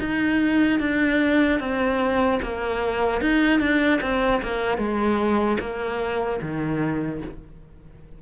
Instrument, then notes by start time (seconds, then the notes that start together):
cello
0.00 D#4
0.80 D4
1.60 C4
2.43 A#3
3.21 D#4
3.60 D4
4.02 C4
4.43 A#3
4.78 G#3
5.60 A#3
6.42 D#3